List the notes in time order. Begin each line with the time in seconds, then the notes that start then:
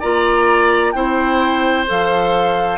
0.00 A#3 F4 D5 A#5
0.92 C4 E4 C5 G5
1.87 F3 A4 F5